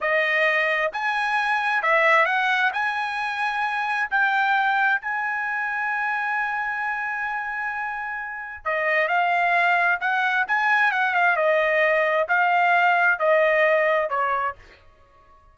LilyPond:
\new Staff \with { instrumentName = "trumpet" } { \time 4/4 \tempo 4 = 132 dis''2 gis''2 | e''4 fis''4 gis''2~ | gis''4 g''2 gis''4~ | gis''1~ |
gis''2. dis''4 | f''2 fis''4 gis''4 | fis''8 f''8 dis''2 f''4~ | f''4 dis''2 cis''4 | }